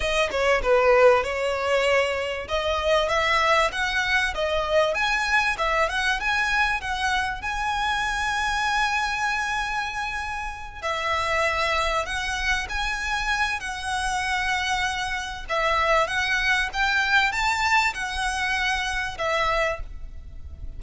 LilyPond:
\new Staff \with { instrumentName = "violin" } { \time 4/4 \tempo 4 = 97 dis''8 cis''8 b'4 cis''2 | dis''4 e''4 fis''4 dis''4 | gis''4 e''8 fis''8 gis''4 fis''4 | gis''1~ |
gis''4. e''2 fis''8~ | fis''8 gis''4. fis''2~ | fis''4 e''4 fis''4 g''4 | a''4 fis''2 e''4 | }